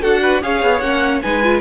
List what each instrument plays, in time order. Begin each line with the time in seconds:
0.00 cello D4, viola F#4, violin A4 F#5
0.22 violin B4
0.42 cello C#4, viola G#4, violin C#5 F5
0.62 cello B3
0.80 cello A#3, viola C#4, violin F#5
1.22 cello G#3, viola D#4, violin B4 G#5
1.43 viola F4